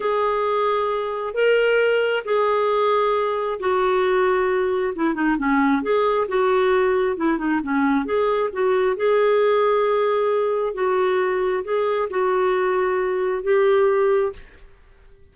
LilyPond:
\new Staff \with { instrumentName = "clarinet" } { \time 4/4 \tempo 4 = 134 gis'2. ais'4~ | ais'4 gis'2. | fis'2. e'8 dis'8 | cis'4 gis'4 fis'2 |
e'8 dis'8 cis'4 gis'4 fis'4 | gis'1 | fis'2 gis'4 fis'4~ | fis'2 g'2 | }